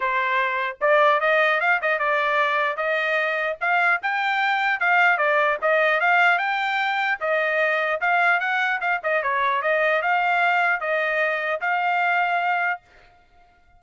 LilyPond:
\new Staff \with { instrumentName = "trumpet" } { \time 4/4 \tempo 4 = 150 c''2 d''4 dis''4 | f''8 dis''8 d''2 dis''4~ | dis''4 f''4 g''2 | f''4 d''4 dis''4 f''4 |
g''2 dis''2 | f''4 fis''4 f''8 dis''8 cis''4 | dis''4 f''2 dis''4~ | dis''4 f''2. | }